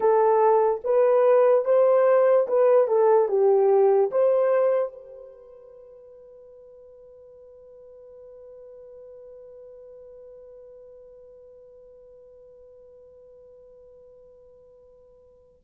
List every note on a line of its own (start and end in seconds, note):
0.00 0.81 A4
0.84 1.64 B4
1.64 2.47 C5
2.47 2.87 B4
2.87 3.28 A4
3.28 4.10 G4
4.11 4.92 C5
4.92 15.61 B4